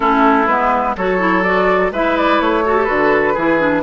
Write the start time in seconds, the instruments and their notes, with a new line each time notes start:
0.00 bassoon A3, clarinet C#4, oboe E4, flute A4
0.46 bassoon G#3, clarinet B3, flute B4
0.96 bassoon F#3, clarinet F#4, oboe A4, flute C#5
1.18 clarinet E4
1.43 clarinet F#4, flute D5
1.91 bassoon G#3, clarinet E4, oboe B4, flute E5
2.17 flute D5
2.40 bassoon A3, flute C#5
2.65 clarinet F#4, oboe A4
2.76 clarinet G4
2.84 bassoon D3, clarinet F#4, flute B4
3.33 bassoon E3, clarinet E4, oboe G#4
3.58 clarinet D4